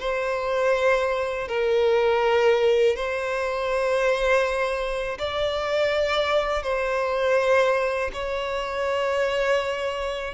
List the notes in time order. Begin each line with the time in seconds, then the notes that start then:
0.00 C5
1.48 A#4
2.96 C5
5.19 D5
6.63 C5
8.13 C#5